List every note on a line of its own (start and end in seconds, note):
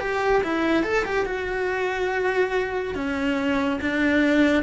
0.00 0.42 G4
0.44 0.84 E4
0.84 1.05 A4
1.05 1.26 G4
1.26 2.95 F#4
2.95 3.80 C#4
3.81 4.64 D4